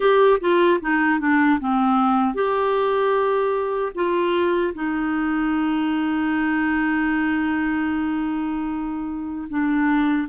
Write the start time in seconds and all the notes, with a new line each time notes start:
0.00 G4
0.40 F4
0.80 D#4
1.19 D4
1.60 C4
2.34 G4
3.94 F4
4.74 D#4
9.49 D4